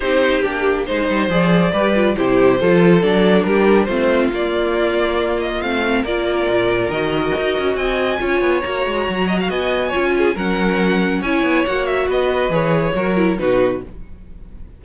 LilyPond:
<<
  \new Staff \with { instrumentName = "violin" } { \time 4/4 \tempo 4 = 139 c''4 g'4 c''4 d''4~ | d''4 c''2 d''4 | ais'4 c''4 d''2~ | d''8 dis''8 f''4 d''2 |
dis''2 gis''2 | ais''2 gis''2 | fis''2 gis''4 fis''8 e''8 | dis''4 cis''2 b'4 | }
  \new Staff \with { instrumentName = "violin" } { \time 4/4 g'2 c''2 | b'4 g'4 a'2 | g'4 f'2.~ | f'2 ais'2~ |
ais'2 dis''4 cis''4~ | cis''4. dis''16 f''16 dis''4 cis''8 gis'8 | ais'2 cis''2 | b'2 ais'4 fis'4 | }
  \new Staff \with { instrumentName = "viola" } { \time 4/4 dis'4 d'4 dis'4 gis'4 | g'8 f'8 e'4 f'4 d'4~ | d'4 c'4 ais2~ | ais4 c'4 f'2 |
fis'2. f'4 | fis'2. f'4 | cis'2 e'4 fis'4~ | fis'4 gis'4 fis'8 e'8 dis'4 | }
  \new Staff \with { instrumentName = "cello" } { \time 4/4 c'4 ais4 gis8 g8 f4 | g4 c4 f4 fis4 | g4 a4 ais2~ | ais4 a4 ais4 ais,4 |
dis4 dis'8 cis'8 c'4 cis'8 b8 | ais8 gis8 fis4 b4 cis'4 | fis2 cis'8 b8 ais4 | b4 e4 fis4 b,4 | }
>>